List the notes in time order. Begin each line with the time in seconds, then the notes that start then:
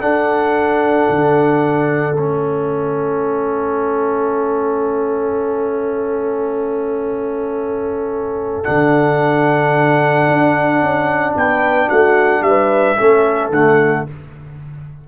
0.00 D4 A4 F#5
1.10 D3
2.17 A3 C#4 E5
8.64 D3 D4 F#5
10.28 D4
10.82 C#4
11.36 B3 B4 G5
11.89 A3 F#4 F#5
12.42 G3 E5
12.48 B4
12.98 A3 C#4 A4
13.50 D3 A3 F#5